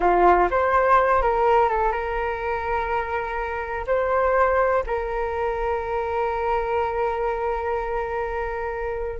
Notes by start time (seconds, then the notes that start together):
0.00 F4
0.50 C5
1.22 A#4
1.68 A4
1.92 A#4
3.86 C5
4.86 A#4